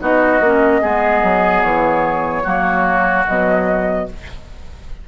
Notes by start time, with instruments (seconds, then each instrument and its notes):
0.00 bassoon B3, clarinet D#4, oboe F#4, flute D#5
0.41 bassoon A#3, clarinet C#4
0.82 bassoon G#3, clarinet B3, oboe G#4
1.23 bassoon F#3
1.63 bassoon E3, flute C#5
2.44 bassoon F#3, clarinet A#3, oboe F#4
3.27 bassoon B2, clarinet F#3, flute D#5